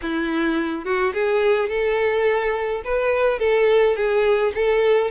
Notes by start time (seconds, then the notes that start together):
0.02 E4
0.84 F#4
1.13 G#4
1.69 A4
2.84 B4
3.39 A4
3.95 G#4
4.54 A4